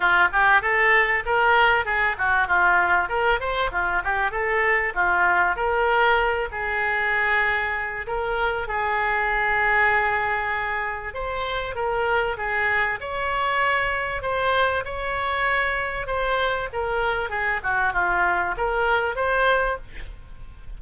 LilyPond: \new Staff \with { instrumentName = "oboe" } { \time 4/4 \tempo 4 = 97 f'8 g'8 a'4 ais'4 gis'8 fis'8 | f'4 ais'8 c''8 f'8 g'8 a'4 | f'4 ais'4. gis'4.~ | gis'4 ais'4 gis'2~ |
gis'2 c''4 ais'4 | gis'4 cis''2 c''4 | cis''2 c''4 ais'4 | gis'8 fis'8 f'4 ais'4 c''4 | }